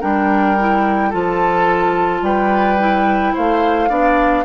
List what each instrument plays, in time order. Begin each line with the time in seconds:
0.00 bassoon G3, clarinet D4, oboe A#4, flute G5
0.59 clarinet E4
1.09 bassoon F3, clarinet F4, oboe A4, flute A5
2.22 bassoon G3, oboe B4, flute G5
2.79 clarinet E4
3.34 bassoon A3, oboe C5, flute F5
3.89 bassoon B3, clarinet D4, oboe D5